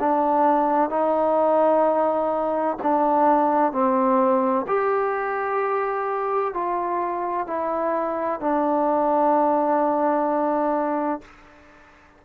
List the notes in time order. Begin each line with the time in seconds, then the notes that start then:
0.00 D4
0.89 D#4
2.83 D4
3.72 C4
4.67 G4
6.54 F4
7.47 E4
8.40 D4